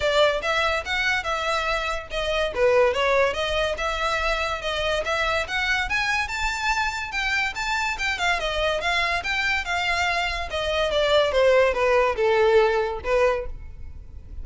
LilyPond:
\new Staff \with { instrumentName = "violin" } { \time 4/4 \tempo 4 = 143 d''4 e''4 fis''4 e''4~ | e''4 dis''4 b'4 cis''4 | dis''4 e''2 dis''4 | e''4 fis''4 gis''4 a''4~ |
a''4 g''4 a''4 g''8 f''8 | dis''4 f''4 g''4 f''4~ | f''4 dis''4 d''4 c''4 | b'4 a'2 b'4 | }